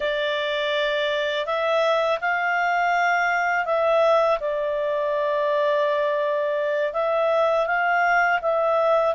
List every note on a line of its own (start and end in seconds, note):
0.00 1.45 D5
1.45 2.19 E5
2.20 3.65 F5
3.65 4.38 E5
4.40 6.93 D5
6.93 7.66 E5
7.66 8.39 F5
8.41 9.14 E5